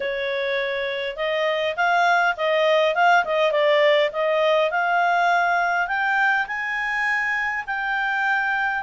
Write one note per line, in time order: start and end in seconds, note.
0.00 1.16 C#5
1.16 1.75 D#5
1.76 2.35 F5
2.37 2.94 D#5
2.94 3.24 F5
3.24 3.51 D#5
3.51 4.10 D5
4.12 4.70 D#5
4.70 5.87 F5
5.87 6.46 G5
6.47 7.64 G#5
7.66 8.83 G5